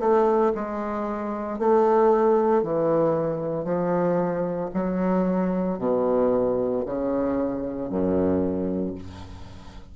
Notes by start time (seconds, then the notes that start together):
0.00 A3
0.55 G#3
1.59 A3
2.63 E3
3.65 F3
4.74 F#3
5.79 B2
6.86 C#3
7.90 F#2